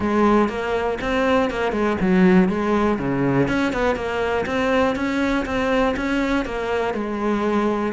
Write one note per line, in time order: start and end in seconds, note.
0.00 0.48 G#3
0.48 0.98 A#3
1.01 1.50 C4
1.50 1.72 A#3
1.72 1.96 G#3
2.00 2.48 F#3
2.48 2.98 G#3
2.98 3.48 C#3
3.48 3.72 C#4
3.72 3.95 B3
3.95 4.45 A#3
4.46 4.95 C4
4.95 5.45 C#4
5.45 5.95 C4
5.96 6.45 C#4
6.45 6.94 A#3
6.94 7.92 G#3